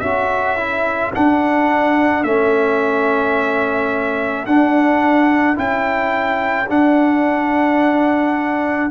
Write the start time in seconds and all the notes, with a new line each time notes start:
0.00 C#4 F#4 A4 E5
0.57 E4
1.15 D4 F#5
2.24 A3 C#4 E5
4.46 D4 F#5
5.56 C#4 E4 G5
6.69 D4 F#5